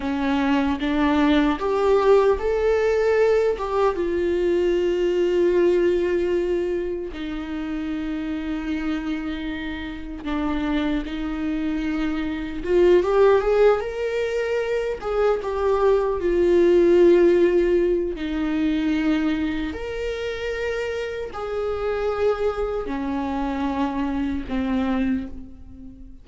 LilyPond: \new Staff \with { instrumentName = "viola" } { \time 4/4 \tempo 4 = 76 cis'4 d'4 g'4 a'4~ | a'8 g'8 f'2.~ | f'4 dis'2.~ | dis'4 d'4 dis'2 |
f'8 g'8 gis'8 ais'4. gis'8 g'8~ | g'8 f'2~ f'8 dis'4~ | dis'4 ais'2 gis'4~ | gis'4 cis'2 c'4 | }